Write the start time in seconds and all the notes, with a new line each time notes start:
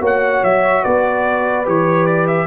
0.00 A#3 F#4 C#5 F#5
0.43 F#3 E5
0.83 B3 B4 D5
1.65 E3 G4 C#5
2.06 D5
2.27 E5